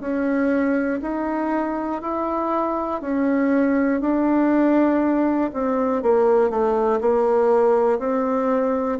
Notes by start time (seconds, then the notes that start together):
0.00 C#4
1.02 D#4
2.01 E4
3.01 C#4
4.01 D4
5.53 C4
6.03 A#3
6.50 A3
7.01 A#3
7.99 C4